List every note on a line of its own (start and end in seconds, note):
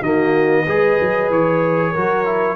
0.00 0.65 D#3
0.00 0.67 A#3
0.00 0.64 F#4
0.00 1.31 D#5
0.65 0.99 G#3
0.65 1.95 G#4
0.65 1.92 B4
1.01 1.30 F#3
1.30 1.94 E3
1.30 2.56 C#5
1.92 2.56 F#3
1.92 2.25 F#4
1.92 2.56 A#4
2.25 2.56 E4